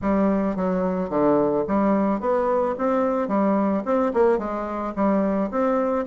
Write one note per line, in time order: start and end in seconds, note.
0.01 0.56 G3
0.56 1.09 F#3
1.09 1.64 D3
1.67 2.20 G3
2.20 2.75 B3
2.77 3.28 C4
3.28 3.83 G3
3.85 4.12 C4
4.13 4.38 A#3
4.38 4.93 G#3
4.95 5.50 G3
5.50 6.05 C4